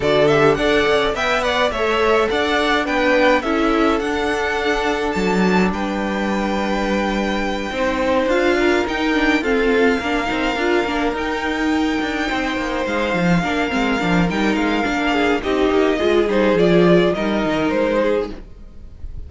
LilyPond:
<<
  \new Staff \with { instrumentName = "violin" } { \time 4/4 \tempo 4 = 105 d''8 e''8 fis''4 g''8 fis''8 e''4 | fis''4 g''4 e''4 fis''4~ | fis''4 a''4 g''2~ | g''2~ g''8 f''4 g''8~ |
g''8 f''2. g''8~ | g''2~ g''8 f''4.~ | f''4 g''8 f''4. dis''4~ | dis''8 c''8 d''4 dis''4 c''4 | }
  \new Staff \with { instrumentName = "violin" } { \time 4/4 a'4 d''4 e''8 d''8 cis''4 | d''4 b'4 a'2~ | a'2 b'2~ | b'4. c''4. ais'4~ |
ais'8 a'4 ais'2~ ais'8~ | ais'4. c''2 ais'8~ | ais'2~ ais'8 gis'8 g'4 | gis'2 ais'4. gis'8 | }
  \new Staff \with { instrumentName = "viola" } { \time 4/4 fis'8 g'8 a'4 b'4 a'4~ | a'4 d'4 e'4 d'4~ | d'1~ | d'4. dis'4 f'4 dis'8 |
d'8 c'4 d'8 dis'8 f'8 d'8 dis'8~ | dis'2.~ dis'8 d'8 | c'8 d'8 dis'4 d'4 dis'4 | f'8 dis'8 f'4 dis'2 | }
  \new Staff \with { instrumentName = "cello" } { \time 4/4 d4 d'8 cis'8 b4 a4 | d'4 b4 cis'4 d'4~ | d'4 fis4 g2~ | g4. c'4 d'4 dis'8~ |
dis'8 f'4 ais8 c'8 d'8 ais8 dis'8~ | dis'4 d'8 c'8 ais8 gis8 f8 ais8 | gis8 f8 g8 gis8 ais4 c'8 ais8 | gis8 g8 f4 g8 dis8 gis4 | }
>>